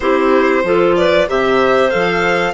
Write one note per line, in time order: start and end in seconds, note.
0.00 0.63 C4
0.00 0.64 E4
0.00 0.65 G4
0.00 0.94 C5
0.63 1.27 F3
0.63 1.28 F4
0.63 0.97 A4
0.96 1.29 B4
0.96 1.28 D5
1.28 1.92 C3
1.28 1.90 G4
1.28 2.53 C5
1.28 1.90 E5
1.90 2.53 F3
1.90 2.53 A4
1.90 2.53 F5